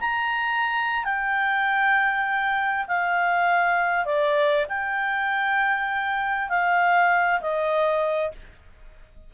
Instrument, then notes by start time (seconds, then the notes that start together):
clarinet
0.00 A#5
1.04 G5
2.87 F5
4.05 D5
4.69 G5
6.49 F5
7.41 D#5